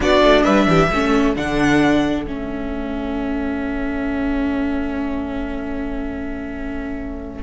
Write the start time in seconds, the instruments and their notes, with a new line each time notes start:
0.00 cello B3, viola D4, violin F#4 D5
0.22 cello A3
0.44 cello G3, violin B4 E5
0.67 cello E3, violin G4
0.91 cello A3, viola C#4, violin A4
1.36 cello D3, viola D4, violin F#5
2.26 cello A3, viola C#4, violin E5